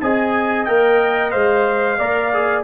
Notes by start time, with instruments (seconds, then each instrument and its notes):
0.00 tuba C4, trombone G#4, horn D#5, trumpet G#5
0.65 tuba A#3, trombone A#4, trumpet G5
1.30 tuba G#3, trombone C5, trumpet F5
1.98 tuba A#3, trombone A#4, horn D5
2.33 trombone G#4